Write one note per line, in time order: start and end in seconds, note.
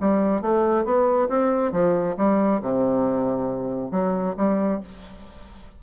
0.00 0.41 G3
0.41 0.84 A3
0.84 1.28 B3
1.29 1.72 C4
1.72 2.15 F3
2.17 2.61 G3
2.61 3.91 C3
3.91 4.35 F#3
4.37 4.80 G3